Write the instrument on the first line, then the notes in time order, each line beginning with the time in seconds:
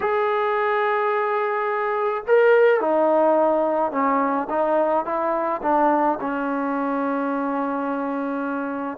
trombone
0.00 G#4
2.27 A#4
2.80 D#4
3.91 C#4
4.49 D#4
5.05 E4
5.62 D4
6.21 C#4